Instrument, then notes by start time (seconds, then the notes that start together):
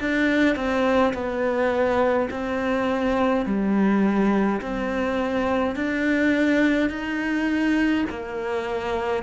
cello
0.00 D4
0.55 C4
1.13 B3
2.30 C4
3.45 G3
4.60 C4
5.75 D4
6.89 D#4
8.09 A#3